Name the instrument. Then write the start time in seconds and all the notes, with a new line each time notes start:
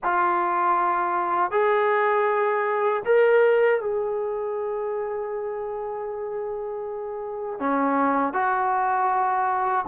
trombone
0.03 F4
1.51 G#4
3.05 A#4
3.80 G#4
7.59 C#4
8.33 F#4